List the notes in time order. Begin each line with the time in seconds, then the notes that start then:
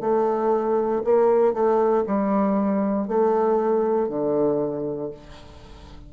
0.00 A3
1.04 A#3
1.53 A3
2.07 G3
3.07 A3
4.09 D3